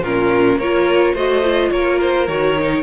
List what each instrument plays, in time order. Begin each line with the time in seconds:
0.00 cello A#2, viola C#4, violin F4 A#4
0.56 cello A#3, violin A#4 C#5
0.62 viola F4
1.14 cello A3, viola F#4, violin C5 D#5
1.43 viola F4
1.71 cello A#3, violin A#4 C#5
2.01 violin C5
2.27 cello D#3, viola F#4, violin C#5
2.59 viola D#4